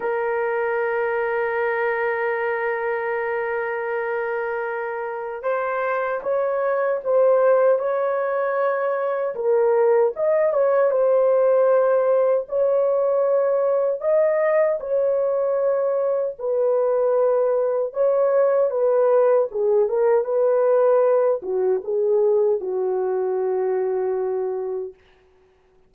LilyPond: \new Staff \with { instrumentName = "horn" } { \time 4/4 \tempo 4 = 77 ais'1~ | ais'2. c''4 | cis''4 c''4 cis''2 | ais'4 dis''8 cis''8 c''2 |
cis''2 dis''4 cis''4~ | cis''4 b'2 cis''4 | b'4 gis'8 ais'8 b'4. fis'8 | gis'4 fis'2. | }